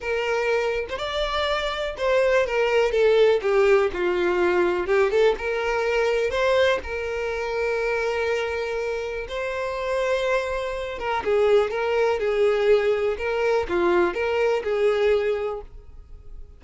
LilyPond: \new Staff \with { instrumentName = "violin" } { \time 4/4 \tempo 4 = 123 ais'4.~ ais'16 c''16 d''2 | c''4 ais'4 a'4 g'4 | f'2 g'8 a'8 ais'4~ | ais'4 c''4 ais'2~ |
ais'2. c''4~ | c''2~ c''8 ais'8 gis'4 | ais'4 gis'2 ais'4 | f'4 ais'4 gis'2 | }